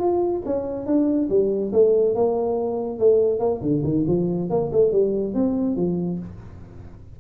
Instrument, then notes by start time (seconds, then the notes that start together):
tuba
0.00 F4
0.46 C#4
0.86 D4
1.29 G3
1.73 A3
2.15 A#3
2.99 A3
3.39 A#3
3.62 D3
3.84 D#3
4.08 F3
4.50 A#3
4.73 A3
4.92 G3
5.34 C4
5.77 F3